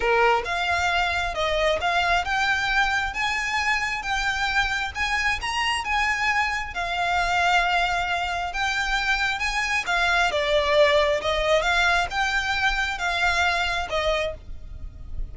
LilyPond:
\new Staff \with { instrumentName = "violin" } { \time 4/4 \tempo 4 = 134 ais'4 f''2 dis''4 | f''4 g''2 gis''4~ | gis''4 g''2 gis''4 | ais''4 gis''2 f''4~ |
f''2. g''4~ | g''4 gis''4 f''4 d''4~ | d''4 dis''4 f''4 g''4~ | g''4 f''2 dis''4 | }